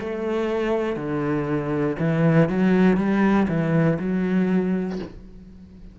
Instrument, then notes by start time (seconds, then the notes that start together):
cello
0.00 A3
0.96 D3
1.99 E3
2.49 F#3
2.97 G3
3.48 E3
3.99 F#3